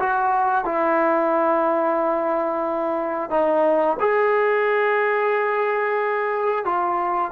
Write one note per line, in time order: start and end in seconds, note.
0.00 0.65 F#4
0.65 3.31 E4
3.31 3.97 D#4
4.00 6.65 G#4
6.65 7.32 F4